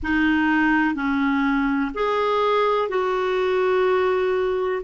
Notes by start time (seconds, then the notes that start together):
0.02 D#4
0.94 C#4
1.94 G#4
2.88 F#4